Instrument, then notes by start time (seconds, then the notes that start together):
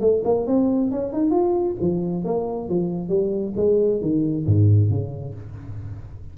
tuba
0.00 A3
0.24 A#3
0.46 C4
0.91 C#4
1.12 D#4
1.31 F4
1.80 F3
2.24 A#3
2.69 F3
3.09 G3
3.56 G#3
4.01 D#3
4.46 G#2
4.90 C#3